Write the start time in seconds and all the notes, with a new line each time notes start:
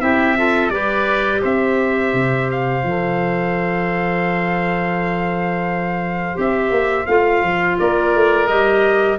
0.00 C4 E4 G4 E5
0.37 F4 A4
0.69 G3 G4 B4 D5
1.41 C4 C5 E5
2.13 C3
2.51 F5
2.83 F3 A4
6.34 C4 G4 E5
6.71 A#3
7.06 A3 F4 F5
7.42 F3
7.79 A#3 A#4 D5
8.15 A3
8.47 G3 G4 D#5